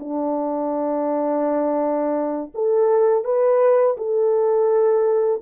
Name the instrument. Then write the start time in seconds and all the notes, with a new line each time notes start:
horn
0.00 D4
2.55 A4
3.25 B4
3.98 A4